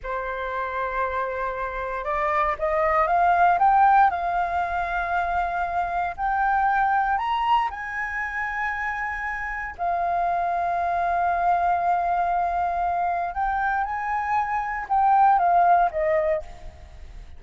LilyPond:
\new Staff \with { instrumentName = "flute" } { \time 4/4 \tempo 4 = 117 c''1 | d''4 dis''4 f''4 g''4 | f''1 | g''2 ais''4 gis''4~ |
gis''2. f''4~ | f''1~ | f''2 g''4 gis''4~ | gis''4 g''4 f''4 dis''4 | }